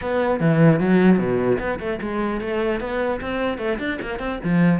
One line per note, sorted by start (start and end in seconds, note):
0.01 0.40 B3
0.40 0.80 E3
0.80 1.18 F#3
1.18 1.58 B2
1.59 1.79 B3
1.79 1.99 A3
2.01 2.40 G#3
2.40 2.80 A3
2.80 3.20 B3
3.20 3.58 C4
3.58 3.78 A3
3.78 3.98 D4
4.01 4.19 A#3
4.19 4.39 C4
4.44 4.80 F3